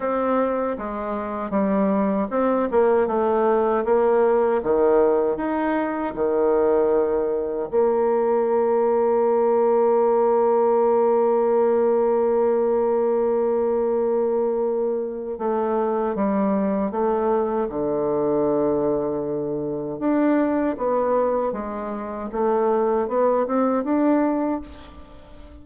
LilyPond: \new Staff \with { instrumentName = "bassoon" } { \time 4/4 \tempo 4 = 78 c'4 gis4 g4 c'8 ais8 | a4 ais4 dis4 dis'4 | dis2 ais2~ | ais1~ |
ais1 | a4 g4 a4 d4~ | d2 d'4 b4 | gis4 a4 b8 c'8 d'4 | }